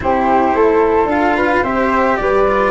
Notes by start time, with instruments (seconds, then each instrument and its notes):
0.00 tuba C4, cello E4, flute G4 C5
0.54 tuba A3, flute A4
1.05 tuba D4, cello F4, flute F5
1.36 flute B4
1.62 tuba C4, cello G4, flute C5 E5
2.16 tuba G3, flute B4 D5
2.47 cello F4